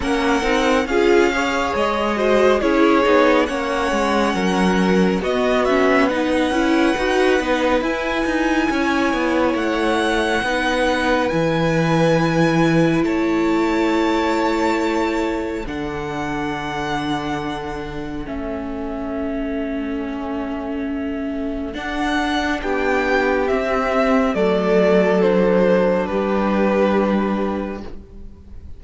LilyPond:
<<
  \new Staff \with { instrumentName = "violin" } { \time 4/4 \tempo 4 = 69 fis''4 f''4 dis''4 cis''4 | fis''2 dis''8 e''8 fis''4~ | fis''4 gis''2 fis''4~ | fis''4 gis''2 a''4~ |
a''2 fis''2~ | fis''4 e''2.~ | e''4 fis''4 g''4 e''4 | d''4 c''4 b'2 | }
  \new Staff \with { instrumentName = "violin" } { \time 4/4 ais'4 gis'8 cis''4 c''8 gis'4 | cis''4 ais'4 fis'4 b'4~ | b'2 cis''2 | b'2. cis''4~ |
cis''2 a'2~ | a'1~ | a'2 g'2 | a'2 g'2 | }
  \new Staff \with { instrumentName = "viola" } { \time 4/4 cis'8 dis'8 f'8 gis'4 fis'8 e'8 dis'8 | cis'2 b8 cis'8 dis'8 e'8 | fis'8 dis'8 e'2. | dis'4 e'2.~ |
e'2 d'2~ | d'4 cis'2.~ | cis'4 d'2 c'4 | a4 d'2. | }
  \new Staff \with { instrumentName = "cello" } { \time 4/4 ais8 c'8 cis'4 gis4 cis'8 b8 | ais8 gis8 fis4 b4. cis'8 | dis'8 b8 e'8 dis'8 cis'8 b8 a4 | b4 e2 a4~ |
a2 d2~ | d4 a2.~ | a4 d'4 b4 c'4 | fis2 g2 | }
>>